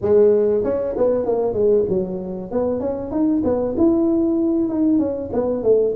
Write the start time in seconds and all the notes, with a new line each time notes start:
0.01 G#3
0.64 C#4
0.97 B3
1.25 A#3
1.53 G#3
1.88 F#3
2.51 B3
2.80 C#4
3.11 D#4
3.43 B3
3.77 E4
4.68 D#4
4.98 C#4
5.33 B3
5.63 A3